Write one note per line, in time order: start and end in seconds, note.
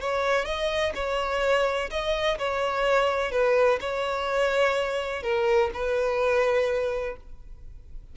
0.00 0.45 C#5
0.45 0.92 D#5
0.94 1.90 C#5
1.90 2.38 D#5
2.38 3.31 C#5
3.31 3.79 B4
3.80 5.23 C#5
5.23 5.70 A#4
5.73 7.16 B4